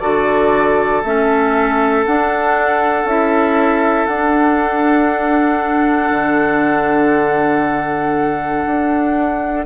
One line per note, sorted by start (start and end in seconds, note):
0.00 1.04 D3
0.00 1.02 F#4
0.00 9.66 A4
0.00 1.02 D5
1.04 2.06 A3
1.04 2.06 C#4
1.04 2.05 E5
2.06 3.07 D4
2.06 3.05 D4
2.06 3.07 F#5
3.05 4.06 C#4
3.05 4.09 E4
3.05 4.06 E5
4.06 6.10 D4
4.06 9.66 D4
4.06 9.65 F#5
6.10 8.65 D3
8.66 9.66 D4